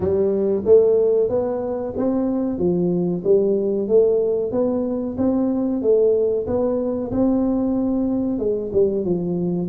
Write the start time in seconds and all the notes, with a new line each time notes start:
0.00 G3
0.65 A3
1.29 B3
1.96 C4
2.58 F3
3.23 G3
3.88 A3
4.51 B3
5.17 C4
5.82 A3
6.46 B3
7.11 C4
8.38 G#3
8.72 G3
9.04 F3